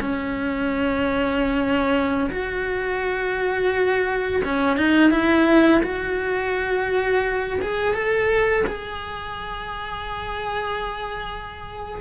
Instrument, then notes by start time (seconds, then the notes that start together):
cello
0.00 C#4
2.30 F#4
4.44 C#4
4.77 D#4
5.10 E4
5.83 F#4
7.61 G#4
7.94 A4
8.66 G#4